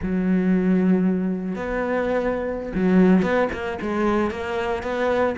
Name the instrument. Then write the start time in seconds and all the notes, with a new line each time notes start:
cello
0.02 F#3
1.55 B3
2.74 F#3
3.22 B3
3.52 A#3
3.81 G#3
4.30 A#3
4.83 B3